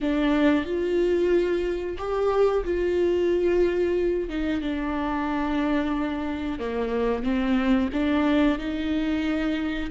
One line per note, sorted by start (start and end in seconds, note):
0.00 0.65 D4
0.65 1.97 F4
1.98 2.64 G4
2.64 4.29 F4
4.29 4.61 D#4
4.61 6.59 D4
6.59 7.23 A#3
7.23 7.89 C4
7.92 8.58 D4
8.58 9.90 D#4